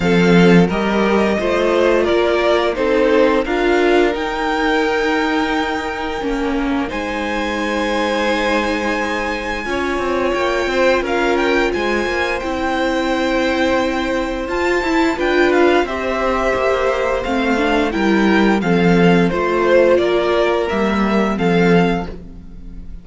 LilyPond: <<
  \new Staff \with { instrumentName = "violin" } { \time 4/4 \tempo 4 = 87 f''4 dis''2 d''4 | c''4 f''4 g''2~ | g''2 gis''2~ | gis''2. g''4 |
f''8 g''8 gis''4 g''2~ | g''4 a''4 g''8 f''8 e''4~ | e''4 f''4 g''4 f''4 | c''4 d''4 e''4 f''4 | }
  \new Staff \with { instrumentName = "violin" } { \time 4/4 a'4 ais'4 c''4 ais'4 | a'4 ais'2.~ | ais'2 c''2~ | c''2 cis''4. c''8 |
ais'4 c''2.~ | c''2 b'4 c''4~ | c''2 ais'4 a'4 | c''4 ais'2 a'4 | }
  \new Staff \with { instrumentName = "viola" } { \time 4/4 c'4 g'4 f'2 | dis'4 f'4 dis'2~ | dis'4 cis'4 dis'2~ | dis'2 f'2~ |
f'2 e'2~ | e'4 f'8 e'8 f'4 g'4~ | g'4 c'8 d'8 e'4 c'4 | f'2 ais4 c'4 | }
  \new Staff \with { instrumentName = "cello" } { \time 4/4 f4 g4 a4 ais4 | c'4 d'4 dis'2~ | dis'4 ais4 gis2~ | gis2 cis'8 c'8 ais8 c'8 |
cis'4 gis8 ais8 c'2~ | c'4 f'8 e'8 d'4 c'4 | ais4 a4 g4 f4 | a4 ais4 g4 f4 | }
>>